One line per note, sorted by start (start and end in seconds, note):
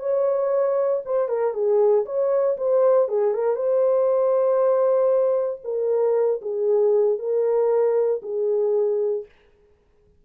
0.00 1.03 C#5
1.06 1.29 C5
1.29 1.54 A#4
1.54 2.05 G#4
2.06 2.57 C#5
2.58 3.09 C5
3.09 3.34 G#4
3.34 3.56 A#4
3.56 5.61 C5
5.64 6.41 A#4
6.42 7.19 G#4
7.19 8.22 A#4
8.23 9.25 G#4